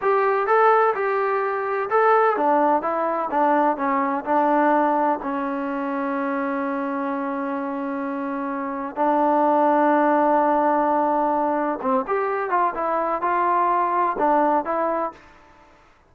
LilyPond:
\new Staff \with { instrumentName = "trombone" } { \time 4/4 \tempo 4 = 127 g'4 a'4 g'2 | a'4 d'4 e'4 d'4 | cis'4 d'2 cis'4~ | cis'1~ |
cis'2. d'4~ | d'1~ | d'4 c'8 g'4 f'8 e'4 | f'2 d'4 e'4 | }